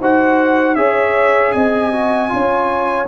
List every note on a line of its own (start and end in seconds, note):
0.00 0.75 D#4
0.00 0.76 F#4
0.00 0.77 C5
0.00 0.75 F#5
0.75 1.52 C#4
0.75 1.92 G#4
0.75 1.54 C#5
0.75 1.52 E5
1.52 2.31 C4
1.52 2.31 D#5
1.52 3.06 G#5
1.92 2.28 F#4
2.28 3.07 C#4
2.28 3.05 F4
2.28 3.07 C#5